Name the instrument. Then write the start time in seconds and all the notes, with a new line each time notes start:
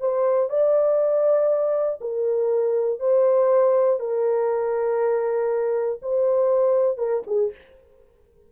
horn
0.00 C5
0.50 D5
2.01 A#4
3.00 C5
4.00 A#4
6.02 C5
6.98 A#4
7.27 G#4